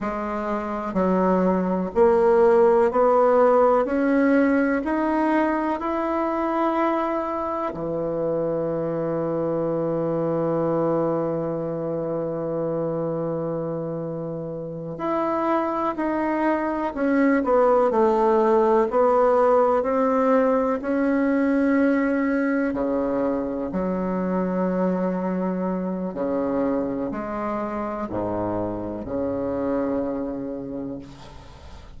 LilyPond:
\new Staff \with { instrumentName = "bassoon" } { \time 4/4 \tempo 4 = 62 gis4 fis4 ais4 b4 | cis'4 dis'4 e'2 | e1~ | e2.~ e8 e'8~ |
e'8 dis'4 cis'8 b8 a4 b8~ | b8 c'4 cis'2 cis8~ | cis8 fis2~ fis8 cis4 | gis4 gis,4 cis2 | }